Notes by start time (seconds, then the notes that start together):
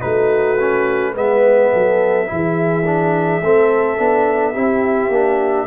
0.00 A3 D#4 F#4 B4
0.59 C#4
1.12 G#3 B3 B4 E5
1.72 F#3 A4
2.26 E3 E4
2.32 G#4
2.85 D4
3.41 A3 C4 A4
3.96 B3 D4
4.53 C4 E4 G4
5.08 A#3 D4